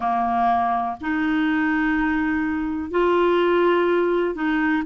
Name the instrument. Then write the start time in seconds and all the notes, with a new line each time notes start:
clarinet
0.00 A#3
1.00 D#4
2.90 F4
4.34 D#4